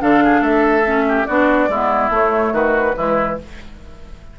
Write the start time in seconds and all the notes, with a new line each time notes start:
0.00 D3 D4 A4 F5
0.24 G#4
0.41 A3 A4 E5
0.85 C#4
1.09 G4
1.26 B3 D4 F#4 D5
1.69 G#3 B3 E4
2.10 A3 C#5
2.53 D#3 F#4 B4
2.96 E3 G#3 E4